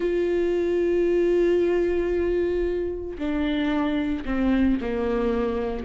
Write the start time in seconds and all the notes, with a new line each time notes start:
0.00 F4
3.18 D4
4.25 C4
4.81 A#3